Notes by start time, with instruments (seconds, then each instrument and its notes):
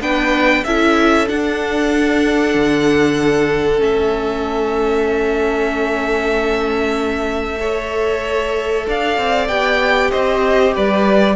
0.00 cello B3, viola D4, violin B4 G5
0.64 cello C#4, viola E4, violin A4 E5
1.26 viola D4, cello D4, violin F#5
2.54 cello D3
3.78 cello A3, viola C#4, violin E5
7.60 viola A4, violin C#5
8.87 cello D4, violin D5 F5
9.17 cello C4
9.48 cello B3, viola G4, violin G5
10.11 cello C4, violin C5 D#5
10.74 cello G3, violin B4 D5